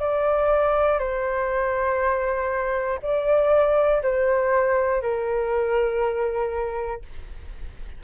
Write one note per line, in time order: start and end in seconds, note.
0.00 0.99 D5
0.99 2.99 C5
3.03 4.03 D5
4.03 5.02 C5
5.02 7.02 A#4